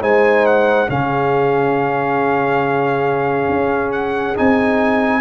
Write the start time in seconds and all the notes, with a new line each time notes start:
0.00 G#3 D#4 C5 G#5
0.45 F#5
0.87 C#3 C#4 G#4 F5
3.49 C#4
3.92 F#5
4.35 C4 D#4 G#5